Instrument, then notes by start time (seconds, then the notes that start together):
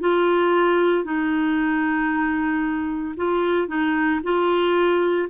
clarinet
0.00 F4
1.04 D#4
3.16 F4
3.67 D#4
4.23 F4